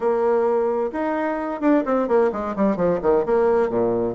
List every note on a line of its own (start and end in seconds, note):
0.00 0.90 A#3
0.92 1.60 D#4
1.60 1.83 D4
1.85 2.07 C4
2.07 2.31 A#3
2.32 2.55 G#3
2.56 2.76 G3
2.76 2.99 F3
3.01 3.25 D#3
3.25 3.69 A#3
3.69 4.14 A#2